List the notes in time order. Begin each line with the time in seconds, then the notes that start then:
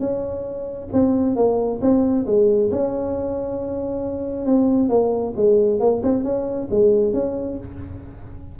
0.00 C#4
0.93 C4
1.36 A#3
1.81 C4
2.26 G#3
2.72 C#4
4.46 C4
4.89 A#3
5.37 G#3
5.80 A#3
6.03 C4
6.24 C#4
6.71 G#3
7.14 C#4